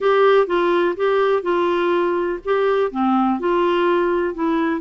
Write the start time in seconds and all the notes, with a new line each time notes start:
0.00 G4
0.47 F4
0.96 G4
1.42 F4
2.44 G4
2.91 C4
3.39 F4
4.34 E4